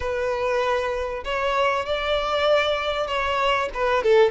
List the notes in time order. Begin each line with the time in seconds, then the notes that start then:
0.00 B4
1.24 C#5
1.85 D5
3.07 C#5
3.73 B4
4.03 A4